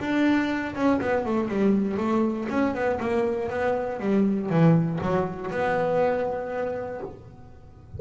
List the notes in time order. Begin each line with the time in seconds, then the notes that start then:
0.00 D4
0.76 C#4
1.01 B3
1.26 A3
1.49 G3
1.97 A3
2.50 C#4
2.75 B3
3.01 A#3
3.50 B3
4.00 G3
4.50 E3
5.02 F#3
5.51 B3